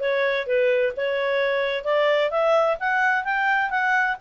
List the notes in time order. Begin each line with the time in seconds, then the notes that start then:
0.00 C#5
0.47 B4
0.96 C#5
1.84 D5
2.31 E5
2.80 F#5
3.24 G5
3.70 F#5